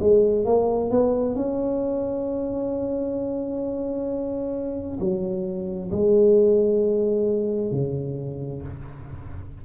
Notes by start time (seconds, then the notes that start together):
0.00 G#3
0.45 A#3
0.90 B3
1.35 C#4
5.00 F#3
5.92 G#3
7.71 C#3